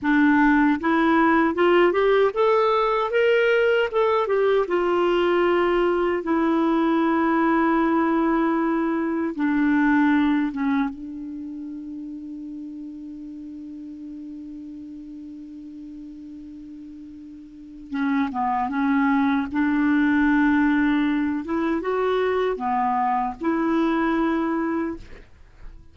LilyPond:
\new Staff \with { instrumentName = "clarinet" } { \time 4/4 \tempo 4 = 77 d'4 e'4 f'8 g'8 a'4 | ais'4 a'8 g'8 f'2 | e'1 | d'4. cis'8 d'2~ |
d'1~ | d'2. cis'8 b8 | cis'4 d'2~ d'8 e'8 | fis'4 b4 e'2 | }